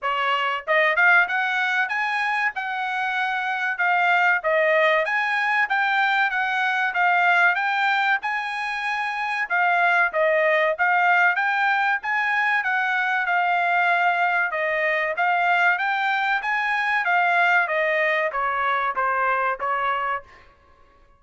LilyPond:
\new Staff \with { instrumentName = "trumpet" } { \time 4/4 \tempo 4 = 95 cis''4 dis''8 f''8 fis''4 gis''4 | fis''2 f''4 dis''4 | gis''4 g''4 fis''4 f''4 | g''4 gis''2 f''4 |
dis''4 f''4 g''4 gis''4 | fis''4 f''2 dis''4 | f''4 g''4 gis''4 f''4 | dis''4 cis''4 c''4 cis''4 | }